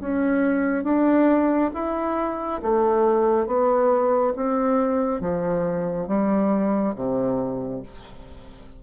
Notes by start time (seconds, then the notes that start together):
0.00 C#4
0.84 D4
1.74 E4
2.62 A3
3.46 B3
4.36 C4
5.21 F3
6.08 G3
6.95 C3